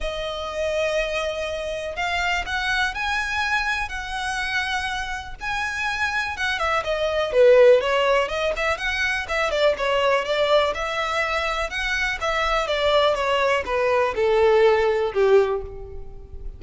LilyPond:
\new Staff \with { instrumentName = "violin" } { \time 4/4 \tempo 4 = 123 dis''1 | f''4 fis''4 gis''2 | fis''2. gis''4~ | gis''4 fis''8 e''8 dis''4 b'4 |
cis''4 dis''8 e''8 fis''4 e''8 d''8 | cis''4 d''4 e''2 | fis''4 e''4 d''4 cis''4 | b'4 a'2 g'4 | }